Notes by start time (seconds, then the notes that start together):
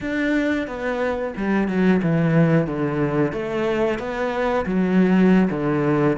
0.00 D4
0.67 B3
1.36 G3
1.68 F#3
2.02 E3
2.66 D3
3.32 A3
3.98 B3
4.65 F#3
5.50 D3